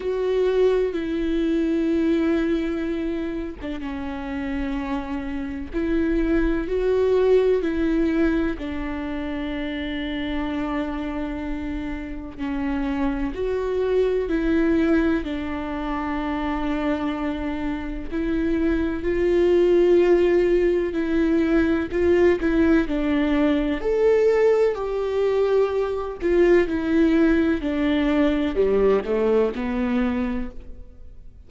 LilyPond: \new Staff \with { instrumentName = "viola" } { \time 4/4 \tempo 4 = 63 fis'4 e'2~ e'8. d'16 | cis'2 e'4 fis'4 | e'4 d'2.~ | d'4 cis'4 fis'4 e'4 |
d'2. e'4 | f'2 e'4 f'8 e'8 | d'4 a'4 g'4. f'8 | e'4 d'4 g8 a8 b4 | }